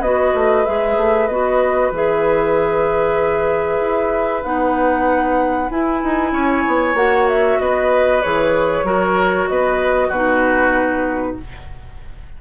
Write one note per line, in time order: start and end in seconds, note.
0.00 0.32 B3
0.00 0.66 F#4
0.00 6.32 B4
0.00 0.65 D#5
0.34 0.66 A3
0.65 0.97 G#3
0.65 1.29 G#4
0.65 1.27 E5
0.97 1.28 A3
1.27 1.91 B3
1.27 1.94 F#4
1.27 1.91 D#5
1.91 3.81 E3
1.91 4.44 G#4
1.91 4.43 E5
3.81 4.44 E4
4.43 5.70 B3
4.43 5.70 D#4
4.43 5.70 F#5
5.70 6.96 E4
5.70 6.03 E4
5.70 6.96 G#5
6.03 6.32 D#4
6.32 6.64 C#4
6.32 7.59 C#5
6.67 6.94 B3
6.94 7.57 A#3
6.94 8.22 F#4
6.94 7.28 F#5
7.28 7.60 E5
7.60 8.23 B3
7.60 8.86 B4
7.60 8.22 D#5
8.22 8.83 E3
8.22 8.85 G#4
8.22 9.48 C#5
8.83 9.47 F#3
8.83 10.11 F#4
8.83 9.49 A#4
9.48 10.10 B3
9.48 10.08 B4
9.48 10.11 D#5
10.08 11.36 B2
10.08 11.34 F#4
10.08 11.37 B4
10.15 11.41 D#4